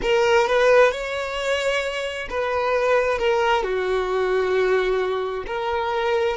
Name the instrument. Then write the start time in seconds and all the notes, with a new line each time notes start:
violin
0.02 A#4
0.47 B4
0.91 C#5
2.29 B4
3.18 A#4
3.63 F#4
5.46 A#4